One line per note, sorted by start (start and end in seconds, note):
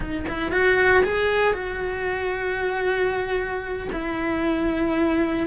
0.00 0.25 D#4
0.28 0.51 E4
0.51 1.03 F#4
1.04 1.53 G#4
1.53 3.88 F#4
3.92 5.47 E4